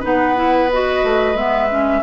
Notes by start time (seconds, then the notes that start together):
0.00 B3 D#4 B4 F#5
0.35 E4
0.73 F#4 D#5
1.03 A3
1.34 G#3 B3 E5
1.70 C#4